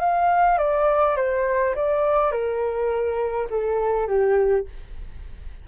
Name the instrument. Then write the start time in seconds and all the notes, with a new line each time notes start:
flute
0.00 F5
0.58 D5
1.17 C5
1.75 D5
2.31 A#4
3.50 A4
4.08 G4